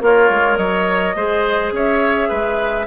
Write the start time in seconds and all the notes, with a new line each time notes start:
0.00 A#3 F4 A#4 C#5
0.30 G#3
0.56 F#3 C#5 D#5
1.15 G#3 G#4 C5
1.72 C#4 C#5 E5
2.28 G#3 B4